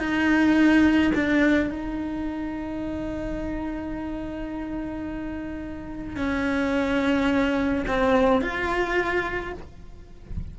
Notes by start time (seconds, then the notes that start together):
0.00 D#4
1.15 D4
1.71 D#4
6.17 C#4
7.88 C4
8.42 F4